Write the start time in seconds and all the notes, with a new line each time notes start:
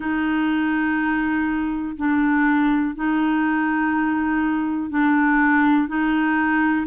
0.00 D#4
1.96 D4
2.95 D#4
4.90 D4
5.87 D#4